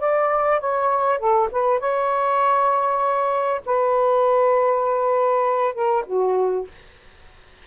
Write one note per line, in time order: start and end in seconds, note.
0.00 0.60 D5
0.60 1.19 C#5
1.19 1.49 A4
1.52 1.80 B4
1.80 3.62 C#5
3.66 5.75 B4
5.75 6.05 A#4
6.07 6.67 F#4